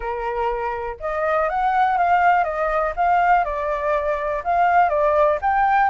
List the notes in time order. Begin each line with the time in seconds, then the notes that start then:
0.00 A#4
0.99 D#5
1.49 F#5
1.97 F5
2.44 D#5
2.96 F5
3.44 D5
4.44 F5
4.89 D5
5.41 G5